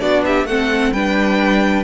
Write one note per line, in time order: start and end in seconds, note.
0.00 0.45 B3
0.00 0.46 D4
0.00 0.25 F#4
0.00 0.23 D5
0.26 0.48 G4
0.26 0.47 E5
0.45 0.91 A3
0.45 0.96 C4
0.45 0.93 A4
0.45 0.93 F#5
0.92 1.84 G3
0.92 1.84 D4
0.92 1.84 B4
0.92 1.84 G5